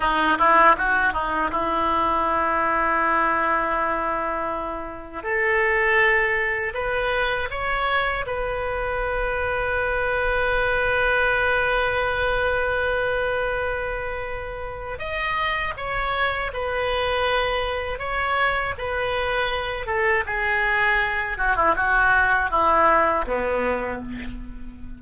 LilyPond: \new Staff \with { instrumentName = "oboe" } { \time 4/4 \tempo 4 = 80 dis'8 e'8 fis'8 dis'8 e'2~ | e'2. a'4~ | a'4 b'4 cis''4 b'4~ | b'1~ |
b'1 | dis''4 cis''4 b'2 | cis''4 b'4. a'8 gis'4~ | gis'8 fis'16 e'16 fis'4 e'4 b4 | }